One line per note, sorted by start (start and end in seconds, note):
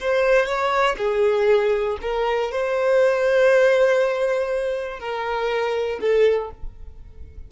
0.00 0.45 C5
0.45 0.95 C#5
0.97 1.97 G#4
2.01 2.51 A#4
2.51 4.99 C5
4.99 5.99 A#4
6.00 6.50 A4